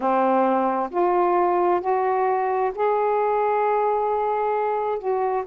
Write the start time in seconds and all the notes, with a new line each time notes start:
0.00 C4
0.90 F4
1.81 F#4
2.74 G#4
4.98 F#4